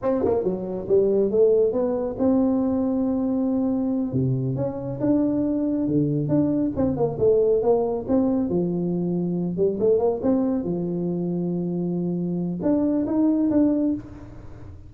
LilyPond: \new Staff \with { instrumentName = "tuba" } { \time 4/4 \tempo 4 = 138 c'8 ais8 fis4 g4 a4 | b4 c'2.~ | c'4. c4 cis'4 d'8~ | d'4. d4 d'4 c'8 |
ais8 a4 ais4 c'4 f8~ | f2 g8 a8 ais8 c'8~ | c'8 f2.~ f8~ | f4 d'4 dis'4 d'4 | }